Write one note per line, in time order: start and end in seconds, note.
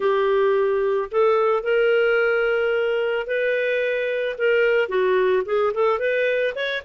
0.00 1.09 G4
1.11 1.63 A4
1.63 3.26 A#4
3.27 4.36 B4
4.38 4.88 A#4
4.88 5.43 F#4
5.45 5.72 G#4
5.73 5.99 A4
5.99 6.53 B4
6.55 6.82 C#5